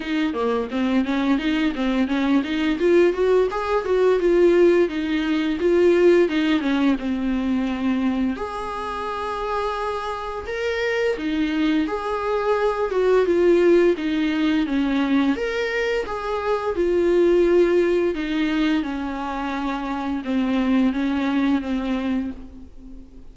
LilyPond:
\new Staff \with { instrumentName = "viola" } { \time 4/4 \tempo 4 = 86 dis'8 ais8 c'8 cis'8 dis'8 c'8 cis'8 dis'8 | f'8 fis'8 gis'8 fis'8 f'4 dis'4 | f'4 dis'8 cis'8 c'2 | gis'2. ais'4 |
dis'4 gis'4. fis'8 f'4 | dis'4 cis'4 ais'4 gis'4 | f'2 dis'4 cis'4~ | cis'4 c'4 cis'4 c'4 | }